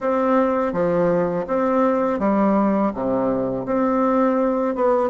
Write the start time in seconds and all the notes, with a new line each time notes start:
0.00 C4
0.72 F3
1.47 C4
2.19 G3
2.93 C3
3.65 C4
4.75 B3